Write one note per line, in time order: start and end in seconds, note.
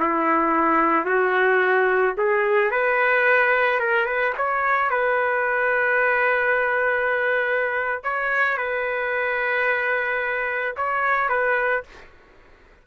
0.00 1.06 E4
1.06 2.15 F#4
2.18 2.71 G#4
2.71 3.80 B4
3.80 4.07 A#4
4.07 4.34 B4
4.38 4.91 C#5
4.91 8.04 B4
8.04 8.58 C#5
8.58 10.76 B4
10.77 11.30 C#5
11.30 11.84 B4